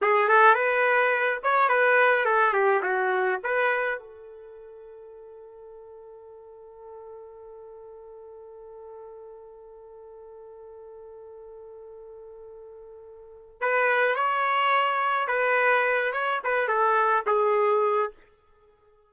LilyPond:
\new Staff \with { instrumentName = "trumpet" } { \time 4/4 \tempo 4 = 106 gis'8 a'8 b'4. cis''8 b'4 | a'8 g'8 fis'4 b'4 a'4~ | a'1~ | a'1~ |
a'1~ | a'1 | b'4 cis''2 b'4~ | b'8 cis''8 b'8 a'4 gis'4. | }